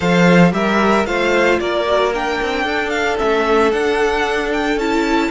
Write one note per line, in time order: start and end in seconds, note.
0.00 0.52 F3
0.00 0.51 A4
0.00 0.52 C5
0.00 0.52 F5
0.51 1.06 G3
0.51 1.04 G4
0.51 1.06 A#4
0.51 1.06 E5
1.06 1.59 A3
1.06 1.86 F4
1.06 1.59 C5
1.06 1.59 F5
1.59 2.40 A#3
1.59 2.64 A#4
1.59 2.12 D5
1.86 2.12 F#4
2.13 3.18 D4
2.13 2.89 G5
2.41 2.63 C4
2.63 3.17 D4
2.63 5.29 A4
2.89 3.16 F5
3.18 3.72 A3
3.18 3.71 C#4
3.18 3.72 E5
3.72 4.76 D4
3.72 4.79 D4
3.72 4.51 F#5
4.52 4.78 G5
4.76 5.29 C#4
4.76 5.31 E4
4.76 5.31 A5